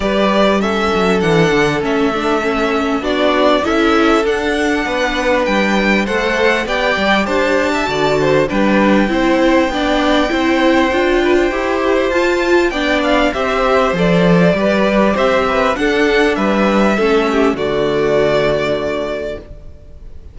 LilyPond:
<<
  \new Staff \with { instrumentName = "violin" } { \time 4/4 \tempo 4 = 99 d''4 e''4 fis''4 e''4~ | e''4 d''4 e''4 fis''4~ | fis''4 g''4 fis''4 g''4 | a''2 g''2~ |
g''1 | a''4 g''8 f''8 e''4 d''4~ | d''4 e''4 fis''4 e''4~ | e''4 d''2. | }
  \new Staff \with { instrumentName = "violin" } { \time 4/4 b'4 a'2.~ | a'4 fis'4 a'2 | b'2 c''4 d''4 | c''8. e''16 d''8 c''8 b'4 c''4 |
d''4 c''4. b'16 c''4~ c''16~ | c''4 d''4 c''2 | b'4 c''8 b'8 a'4 b'4 | a'8 g'8 fis'2. | }
  \new Staff \with { instrumentName = "viola" } { \time 4/4 g'4 cis'4 d'4 cis'8 d'8 | cis'4 d'4 e'4 d'4~ | d'2 a'4 g'4~ | g'4 fis'4 d'4 e'4 |
d'4 e'4 f'4 g'4 | f'4 d'4 g'4 a'4 | g'2 d'2 | cis'4 a2. | }
  \new Staff \with { instrumentName = "cello" } { \time 4/4 g4. fis8 e8 d8 a4~ | a4 b4 cis'4 d'4 | b4 g4 a4 b8 g8 | d'4 d4 g4 c'4 |
b4 c'4 d'4 e'4 | f'4 b4 c'4 f4 | g4 c'4 d'4 g4 | a4 d2. | }
>>